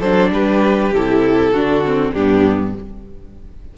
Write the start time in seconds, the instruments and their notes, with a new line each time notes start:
0.00 cello F#3, viola D4, violin A4 C5
0.31 cello G3, violin G4 B4
0.92 cello C3, viola E4, violin A4
1.52 cello D3, viola D4, violin F#4
1.85 viola C4
2.13 cello G2, viola B3, violin D4 G4